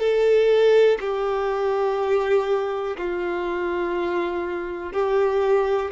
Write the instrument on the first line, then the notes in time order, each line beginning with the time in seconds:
violin
0.00 A4
1.01 G4
2.97 F4
4.93 G4